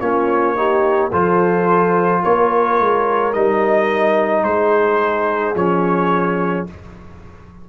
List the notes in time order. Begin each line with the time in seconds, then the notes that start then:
0.00 A#3 C#4 F4 C#5
0.56 D#4 G4
1.11 F3 F4 A4 C5
2.23 A#3 A#4 C#5
2.80 G#3
3.33 G3 D#4 D#5
4.43 G#3 G#4 C5
5.55 F3 C#4 C#5